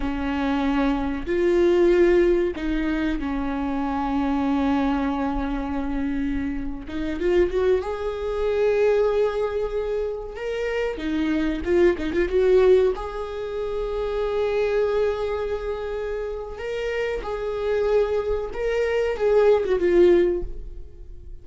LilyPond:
\new Staff \with { instrumentName = "viola" } { \time 4/4 \tempo 4 = 94 cis'2 f'2 | dis'4 cis'2.~ | cis'2~ cis'8. dis'8 f'8 fis'16~ | fis'16 gis'2.~ gis'8.~ |
gis'16 ais'4 dis'4 f'8 dis'16 f'16 fis'8.~ | fis'16 gis'2.~ gis'8.~ | gis'2 ais'4 gis'4~ | gis'4 ais'4 gis'8. fis'16 f'4 | }